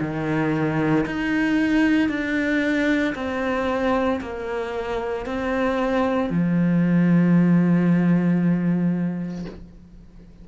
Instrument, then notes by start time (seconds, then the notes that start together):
cello
0.00 D#3
1.06 D#4
2.09 D4
3.15 C4
4.21 A#3
5.26 C4
6.30 F3